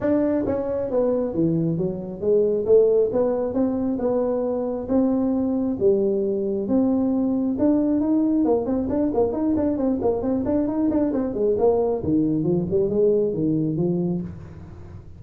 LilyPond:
\new Staff \with { instrumentName = "tuba" } { \time 4/4 \tempo 4 = 135 d'4 cis'4 b4 e4 | fis4 gis4 a4 b4 | c'4 b2 c'4~ | c'4 g2 c'4~ |
c'4 d'4 dis'4 ais8 c'8 | d'8 ais8 dis'8 d'8 c'8 ais8 c'8 d'8 | dis'8 d'8 c'8 gis8 ais4 dis4 | f8 g8 gis4 dis4 f4 | }